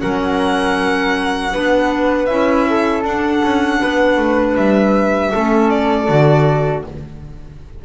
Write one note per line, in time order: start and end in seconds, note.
0.00 1.55 F#3
0.00 1.52 C#4
0.00 1.52 A#4
0.00 2.26 F#5
1.52 2.29 B3
1.52 2.28 D4
1.52 2.66 B4
2.26 3.03 C#4
2.26 3.03 E4
2.26 3.02 E5
2.69 3.80 A4
3.03 3.41 D4
3.03 5.31 D4
3.03 4.56 F#5
3.43 3.81 C#4
3.80 4.17 B3
3.80 5.32 B4
4.17 4.55 A3
4.56 5.32 G3
4.56 5.70 E5
5.32 6.09 A3
5.32 6.08 C#4
5.32 6.84 A4
5.70 6.84 D5
6.08 6.85 D3
6.08 6.84 F#4